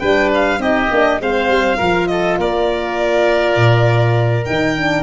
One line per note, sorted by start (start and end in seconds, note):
0.00 0.59 G3
0.00 0.59 D4
0.00 0.60 B4
0.00 0.30 G5
0.35 0.62 F5
0.59 0.89 C4
0.59 0.89 D#4
0.59 1.21 G4
0.59 1.21 D#5
0.91 1.20 A#3
0.91 1.21 D4
1.20 1.48 G#3
1.20 1.80 C4
1.20 1.77 C5
1.20 2.07 F5
1.48 1.78 G3
1.77 2.38 F3
1.77 4.46 F4
1.77 2.07 A#4
2.07 2.39 A4
2.07 2.37 D#5
2.38 3.56 A#3
2.38 5.03 A#4
2.38 4.45 D5
3.56 4.46 A#2
4.45 5.03 D#3
4.45 4.76 D#4
4.45 5.03 G5
4.76 5.03 D4